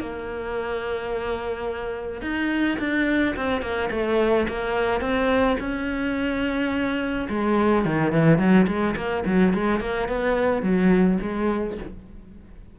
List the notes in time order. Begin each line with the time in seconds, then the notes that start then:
0.00 A#3
2.22 D#4
2.79 D4
3.36 C4
3.62 A#3
3.91 A3
4.48 A#3
5.01 C4
5.60 C#4
7.29 G#3
7.85 D#3
8.12 E3
8.38 F#3
8.67 G#3
8.96 A#3
9.26 F#3
9.54 G#3
9.81 A#3
10.09 B3
10.62 F#3
11.22 G#3